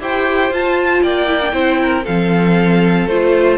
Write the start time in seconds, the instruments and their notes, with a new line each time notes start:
0.00 cello E4, viola G4, violin C5 G5
0.50 cello F4, viola F4, violin A5
1.02 cello A#3, violin D5 G5
1.27 viola E4
1.41 viola D4
1.51 cello C4, viola E4, violin C5
1.82 violin A#4
2.04 cello F3, viola C4, violin A4 F5
3.07 cello A3, viola F4, violin C5